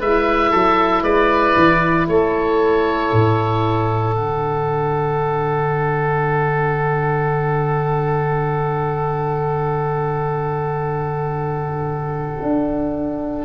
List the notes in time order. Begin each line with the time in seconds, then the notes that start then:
0.00 G#3 E4 B4 E5
0.51 F#3 A4
1.02 G#3 B4 D5
1.57 E3
2.08 A3 A4 C#5
3.12 A2
4.13 D3 D4 F#5
12.42 D4